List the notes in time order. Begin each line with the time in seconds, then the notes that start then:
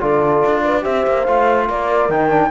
0.00 D3 F4 A4 D5
0.45 D4
0.63 B4
0.81 C4 G4 C5 E5
1.07 A#3
1.24 A3 F4 F5
1.68 A#3 A#4 D5
2.09 D#3 D#4 G5
2.29 D4